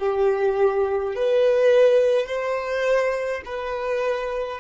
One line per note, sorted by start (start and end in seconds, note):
0.00 1.15 G4
1.15 2.27 B4
2.27 3.42 C5
3.46 4.60 B4